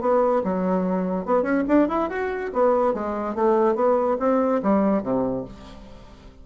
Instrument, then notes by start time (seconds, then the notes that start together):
bassoon
0.00 B3
0.43 F#3
1.25 B3
1.42 C#4
1.67 D4
1.88 E4
2.09 F#4
2.53 B3
2.94 G#3
3.35 A3
3.75 B3
4.19 C4
4.62 G3
5.02 C3